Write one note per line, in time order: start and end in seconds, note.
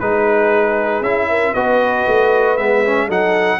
0.00 1.02 G#3
0.00 1.04 D#4
0.00 1.29 G#4
0.00 1.03 B4
1.02 1.53 C#4
1.02 1.56 E4
1.02 1.54 E5
1.29 1.53 A#4
1.53 2.07 B3
1.53 2.59 F#4
1.53 3.07 B4
1.53 2.57 D#5
2.08 2.59 A3
2.57 3.09 G#3
2.57 2.85 B3
2.57 3.09 E5
2.85 3.10 C#4
3.07 3.60 F#3
3.07 3.60 D#4
3.07 3.59 A4
3.07 3.60 F#5